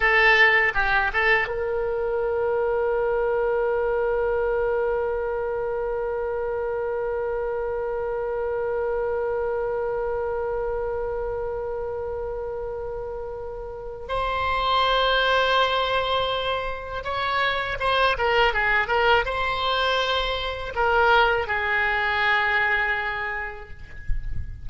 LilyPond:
\new Staff \with { instrumentName = "oboe" } { \time 4/4 \tempo 4 = 81 a'4 g'8 a'8 ais'2~ | ais'1~ | ais'1~ | ais'1~ |
ais'2. c''4~ | c''2. cis''4 | c''8 ais'8 gis'8 ais'8 c''2 | ais'4 gis'2. | }